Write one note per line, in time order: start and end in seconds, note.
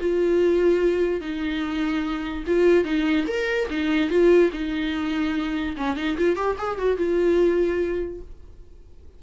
0.00 1.21 F4
1.21 2.44 D#4
2.47 2.84 F4
2.84 3.26 D#4
3.27 3.68 A#4
3.70 4.10 D#4
4.10 4.51 F4
4.53 5.76 D#4
5.77 5.97 C#4
5.97 6.17 D#4
6.18 6.36 F4
6.36 6.56 G4
6.58 6.78 G#4
6.78 6.97 F#4
6.97 8.21 F4